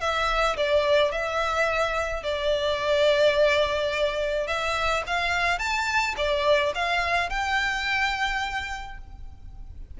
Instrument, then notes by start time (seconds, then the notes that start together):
violin
0.00 E5
0.56 D5
1.11 E5
2.23 D5
4.47 E5
5.06 F5
5.58 A5
6.17 D5
6.74 F5
7.29 G5